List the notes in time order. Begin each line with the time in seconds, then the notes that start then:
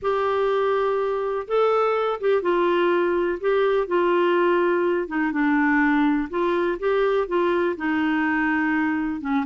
0.02 G4
1.47 A4
2.20 G4
2.41 F4
3.40 G4
3.87 F4
5.07 D#4
5.32 D4
6.29 F4
6.79 G4
7.27 F4
7.76 D#4
9.21 C#4